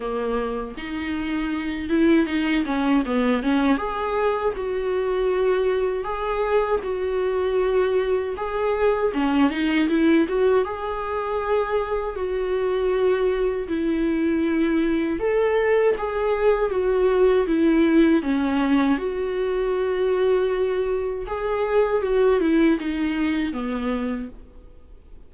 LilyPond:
\new Staff \with { instrumentName = "viola" } { \time 4/4 \tempo 4 = 79 ais4 dis'4. e'8 dis'8 cis'8 | b8 cis'8 gis'4 fis'2 | gis'4 fis'2 gis'4 | cis'8 dis'8 e'8 fis'8 gis'2 |
fis'2 e'2 | a'4 gis'4 fis'4 e'4 | cis'4 fis'2. | gis'4 fis'8 e'8 dis'4 b4 | }